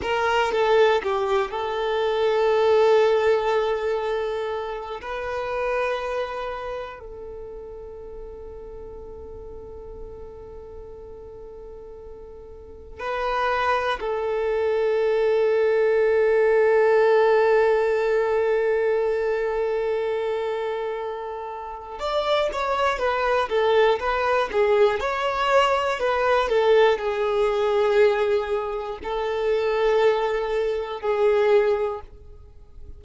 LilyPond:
\new Staff \with { instrumentName = "violin" } { \time 4/4 \tempo 4 = 60 ais'8 a'8 g'8 a'2~ a'8~ | a'4 b'2 a'4~ | a'1~ | a'4 b'4 a'2~ |
a'1~ | a'2 d''8 cis''8 b'8 a'8 | b'8 gis'8 cis''4 b'8 a'8 gis'4~ | gis'4 a'2 gis'4 | }